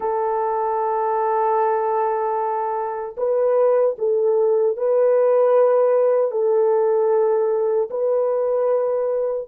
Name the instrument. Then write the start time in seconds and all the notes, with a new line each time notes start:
horn
0.00 A4
3.17 B4
3.98 A4
4.77 B4
6.31 A4
7.90 B4